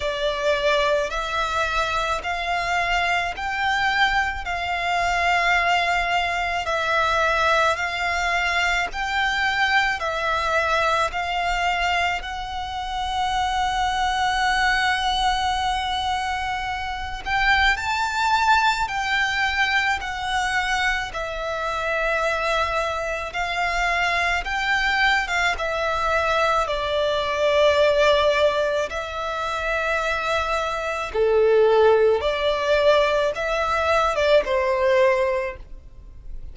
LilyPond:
\new Staff \with { instrumentName = "violin" } { \time 4/4 \tempo 4 = 54 d''4 e''4 f''4 g''4 | f''2 e''4 f''4 | g''4 e''4 f''4 fis''4~ | fis''2.~ fis''8 g''8 |
a''4 g''4 fis''4 e''4~ | e''4 f''4 g''8. f''16 e''4 | d''2 e''2 | a'4 d''4 e''8. d''16 c''4 | }